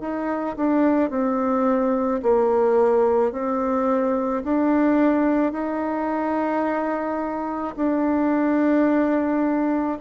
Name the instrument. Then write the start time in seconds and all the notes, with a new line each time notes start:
bassoon
0.00 D#4
0.56 D4
1.10 C4
2.22 A#3
3.32 C4
4.43 D4
5.53 D#4
7.76 D4